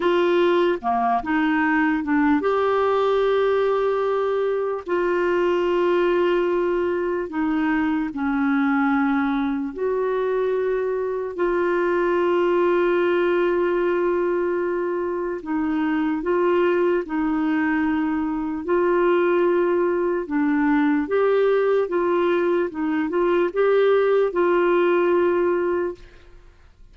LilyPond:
\new Staff \with { instrumentName = "clarinet" } { \time 4/4 \tempo 4 = 74 f'4 ais8 dis'4 d'8 g'4~ | g'2 f'2~ | f'4 dis'4 cis'2 | fis'2 f'2~ |
f'2. dis'4 | f'4 dis'2 f'4~ | f'4 d'4 g'4 f'4 | dis'8 f'8 g'4 f'2 | }